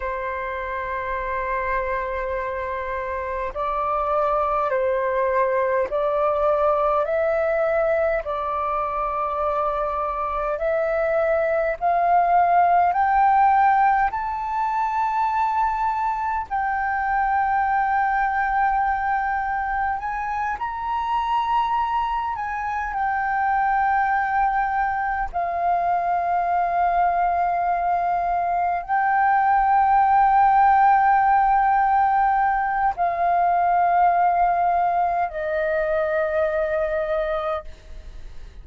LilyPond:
\new Staff \with { instrumentName = "flute" } { \time 4/4 \tempo 4 = 51 c''2. d''4 | c''4 d''4 e''4 d''4~ | d''4 e''4 f''4 g''4 | a''2 g''2~ |
g''4 gis''8 ais''4. gis''8 g''8~ | g''4. f''2~ f''8~ | f''8 g''2.~ g''8 | f''2 dis''2 | }